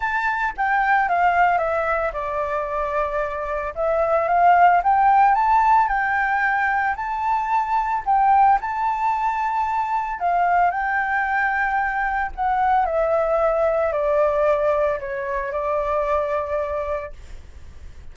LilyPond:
\new Staff \with { instrumentName = "flute" } { \time 4/4 \tempo 4 = 112 a''4 g''4 f''4 e''4 | d''2. e''4 | f''4 g''4 a''4 g''4~ | g''4 a''2 g''4 |
a''2. f''4 | g''2. fis''4 | e''2 d''2 | cis''4 d''2. | }